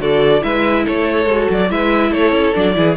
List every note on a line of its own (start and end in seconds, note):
0.00 0.42 D3
0.00 0.42 F#4
0.00 0.44 A4
0.00 0.44 D5
0.42 0.87 G#3
0.42 1.26 E4
0.42 0.85 B4
0.42 0.86 E5
0.85 1.26 A3
0.85 1.69 A4
0.85 1.51 C#5
1.26 1.48 G#3
1.26 1.70 F#4
1.50 1.71 F#3
1.50 1.71 D5
1.70 2.11 G#3
1.70 2.54 E4
1.70 2.11 B4
1.70 2.13 E5
2.11 2.32 A3
2.11 2.75 A4
2.11 2.54 C#5
2.32 2.53 C#4
2.54 2.77 F#3
2.54 2.75 D4
2.54 2.97 D5
2.75 2.97 E3
2.75 2.96 E4
2.75 2.97 G#4